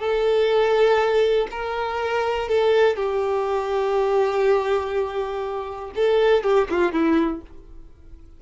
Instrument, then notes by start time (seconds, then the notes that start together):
violin
0.00 A4
1.51 A#4
2.49 A4
2.96 G4
5.96 A4
6.44 G4
6.70 F4
6.93 E4